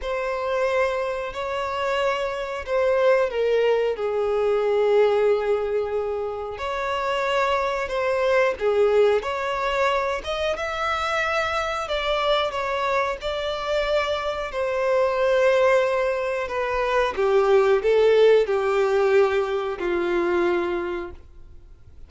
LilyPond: \new Staff \with { instrumentName = "violin" } { \time 4/4 \tempo 4 = 91 c''2 cis''2 | c''4 ais'4 gis'2~ | gis'2 cis''2 | c''4 gis'4 cis''4. dis''8 |
e''2 d''4 cis''4 | d''2 c''2~ | c''4 b'4 g'4 a'4 | g'2 f'2 | }